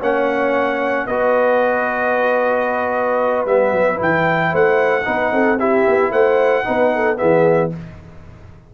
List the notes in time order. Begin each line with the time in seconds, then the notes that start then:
0.00 A#3 C#4 C#5 F#5
1.07 B3 F#4 B4 D#5
3.46 G3 B3 E5
3.72 F#3
3.96 E3 E4
4.03 G5
4.51 A3 C5 F#5
5.05 B3 D#4 B4
5.33 C4 A4
5.59 E4 G4 E5
5.88 B3
6.11 A3 C5 F#5
6.65 B3 D#4 B4
6.95 A4
7.17 E3 B3 G#4 E5